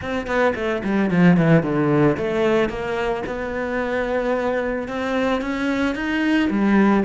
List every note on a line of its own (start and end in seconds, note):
0.01 0.26 C4
0.26 0.53 B3
0.55 0.82 A3
0.83 1.10 G3
1.10 1.36 F3
1.36 1.62 E3
1.62 2.16 D3
2.17 2.69 A3
2.69 3.23 A#3
3.26 4.88 B3
4.88 5.41 C4
5.41 5.95 C#4
5.95 6.49 D#4
6.50 7.04 G3